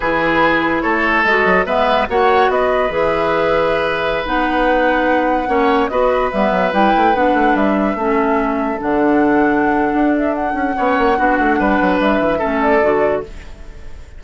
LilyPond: <<
  \new Staff \with { instrumentName = "flute" } { \time 4/4 \tempo 4 = 145 b'2 cis''4 dis''4 | e''4 fis''4 dis''4 e''4~ | e''2~ e''16 fis''4.~ fis''16~ | fis''2~ fis''16 dis''4 e''8.~ |
e''16 g''4 fis''4 e''4.~ e''16~ | e''4~ e''16 fis''2~ fis''8.~ | fis''8 e''8 fis''2.~ | fis''4 e''4. d''4. | }
  \new Staff \with { instrumentName = "oboe" } { \time 4/4 gis'2 a'2 | b'4 cis''4 b'2~ | b'1~ | b'4~ b'16 cis''4 b'4.~ b'16~ |
b'2.~ b'16 a'8.~ | a'1~ | a'2 cis''4 fis'4 | b'2 a'2 | }
  \new Staff \with { instrumentName = "clarinet" } { \time 4/4 e'2. fis'4 | b4 fis'2 gis'4~ | gis'2~ gis'16 dis'4.~ dis'16~ | dis'4~ dis'16 cis'4 fis'4 b8.~ |
b16 e'4 d'2 cis'8.~ | cis'4~ cis'16 d'2~ d'8.~ | d'2 cis'4 d'4~ | d'2 cis'4 fis'4 | }
  \new Staff \with { instrumentName = "bassoon" } { \time 4/4 e2 a4 gis8 fis8 | gis4 ais4 b4 e4~ | e2~ e16 b4.~ b16~ | b4~ b16 ais4 b4 g8 fis16~ |
fis16 g8 a8 b8 a8 g4 a8.~ | a4~ a16 d2~ d8. | d'4. cis'8 b8 ais8 b8 a8 | g8 fis8 g8 e8 a4 d4 | }
>>